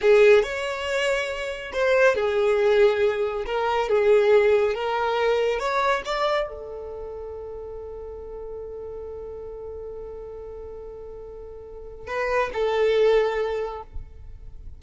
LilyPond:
\new Staff \with { instrumentName = "violin" } { \time 4/4 \tempo 4 = 139 gis'4 cis''2. | c''4 gis'2. | ais'4 gis'2 ais'4~ | ais'4 cis''4 d''4 a'4~ |
a'1~ | a'1~ | a'1 | b'4 a'2. | }